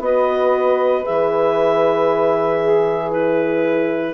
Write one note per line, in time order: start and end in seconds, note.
0.00 1.03 B3
0.00 1.04 F#4
0.00 2.61 B4
0.00 1.05 D#5
1.04 4.15 E3
1.04 3.11 G#4
1.04 3.12 E5
2.61 4.15 G#4
3.12 4.15 E4
3.12 4.15 B4